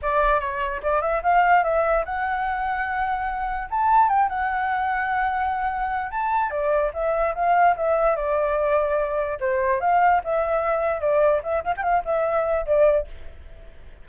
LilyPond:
\new Staff \with { instrumentName = "flute" } { \time 4/4 \tempo 4 = 147 d''4 cis''4 d''8 e''8 f''4 | e''4 fis''2.~ | fis''4 a''4 g''8 fis''4.~ | fis''2. a''4 |
d''4 e''4 f''4 e''4 | d''2. c''4 | f''4 e''2 d''4 | e''8 f''16 g''16 f''8 e''4. d''4 | }